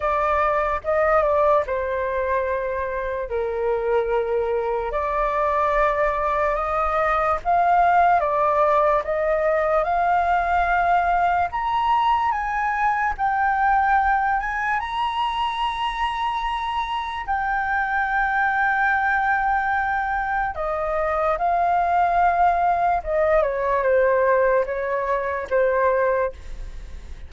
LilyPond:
\new Staff \with { instrumentName = "flute" } { \time 4/4 \tempo 4 = 73 d''4 dis''8 d''8 c''2 | ais'2 d''2 | dis''4 f''4 d''4 dis''4 | f''2 ais''4 gis''4 |
g''4. gis''8 ais''2~ | ais''4 g''2.~ | g''4 dis''4 f''2 | dis''8 cis''8 c''4 cis''4 c''4 | }